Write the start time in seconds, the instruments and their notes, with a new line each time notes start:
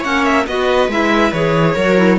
0.00 cello A#3, clarinet C#4, viola C#5, violin F#5
0.25 violin E5
0.47 cello B3, clarinet F#4, viola B4, violin D#5
0.88 cello G#3, clarinet E4, violin E5
1.33 cello E3, clarinet G#4, violin C#5
1.75 cello F#3, clarinet F#4, viola A#4
1.98 clarinet E4